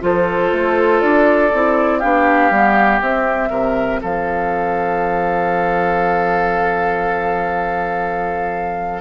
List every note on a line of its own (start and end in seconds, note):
0.00 0.52 F3
0.00 1.50 F4
0.00 1.98 A4
0.00 1.01 C5
0.52 1.02 A3
1.01 1.52 D4
1.01 1.99 D5
1.53 2.03 C4
1.53 2.01 E4
1.98 2.50 B3
1.98 2.51 D4
1.98 3.48 G4
1.98 2.99 F5
2.50 3.00 G3
2.50 3.02 B3
3.01 3.49 C4
3.01 9.01 C4
3.01 4.01 E5
3.49 3.99 C3
3.49 4.00 A#4
4.01 9.01 F3
4.01 9.01 A4
4.01 9.01 F5